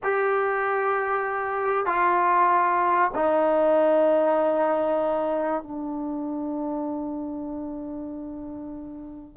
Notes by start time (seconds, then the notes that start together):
0.03 G4
1.86 F4
3.14 D#4
5.62 D4